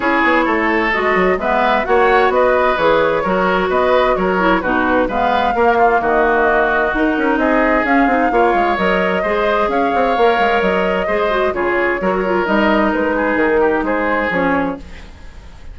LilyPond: <<
  \new Staff \with { instrumentName = "flute" } { \time 4/4 \tempo 4 = 130 cis''2 dis''4 e''4 | fis''4 dis''4 cis''2 | dis''4 cis''4 b'4 f''4~ | f''4 dis''2 ais'4 |
dis''4 f''2 dis''4~ | dis''4 f''2 dis''4~ | dis''4 cis''2 dis''4 | b'4 ais'4 c''4 cis''4 | }
  \new Staff \with { instrumentName = "oboe" } { \time 4/4 gis'4 a'2 b'4 | cis''4 b'2 ais'4 | b'4 ais'4 fis'4 b'4 | ais'8 f'8 fis'2. |
gis'2 cis''2 | c''4 cis''2. | c''4 gis'4 ais'2~ | ais'8 gis'4 g'8 gis'2 | }
  \new Staff \with { instrumentName = "clarinet" } { \time 4/4 e'2 fis'4 b4 | fis'2 gis'4 fis'4~ | fis'4. e'8 dis'4 b4 | ais2. dis'4~ |
dis'4 cis'8 dis'8 f'4 ais'4 | gis'2 ais'2 | gis'8 fis'8 f'4 fis'8 f'8 dis'4~ | dis'2. cis'4 | }
  \new Staff \with { instrumentName = "bassoon" } { \time 4/4 cis'8 b8 a4 gis8 fis8 gis4 | ais4 b4 e4 fis4 | b4 fis4 b,4 gis4 | ais4 dis2 dis'8 cis'8 |
c'4 cis'8 c'8 ais8 gis8 fis4 | gis4 cis'8 c'8 ais8 gis8 fis4 | gis4 cis4 fis4 g4 | gis4 dis4 gis4 f4 | }
>>